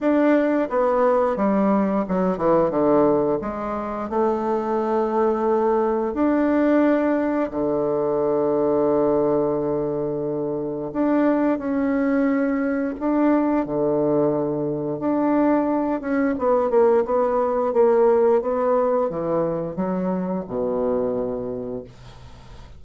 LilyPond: \new Staff \with { instrumentName = "bassoon" } { \time 4/4 \tempo 4 = 88 d'4 b4 g4 fis8 e8 | d4 gis4 a2~ | a4 d'2 d4~ | d1 |
d'4 cis'2 d'4 | d2 d'4. cis'8 | b8 ais8 b4 ais4 b4 | e4 fis4 b,2 | }